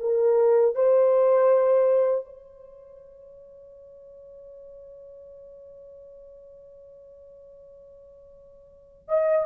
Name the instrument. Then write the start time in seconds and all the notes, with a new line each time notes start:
horn
0.00 A#4
0.75 C5
2.25 C#5
9.08 D#5